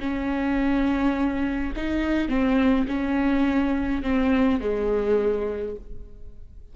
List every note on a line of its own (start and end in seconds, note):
0.00 1.73 C#4
1.76 2.28 D#4
2.28 2.86 C4
2.88 4.03 C#4
4.03 4.60 C4
4.60 5.76 G#3